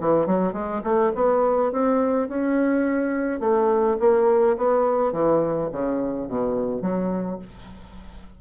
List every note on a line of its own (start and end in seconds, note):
0.00 0.26 E3
0.26 0.53 F#3
0.53 0.81 G#3
0.83 1.12 A3
1.15 1.72 B3
1.72 2.28 C4
2.28 3.40 C#4
3.40 3.97 A3
3.99 4.57 A#3
4.57 5.12 B3
5.12 5.69 E3
5.72 6.28 C#3
6.28 6.82 B2
6.82 7.39 F#3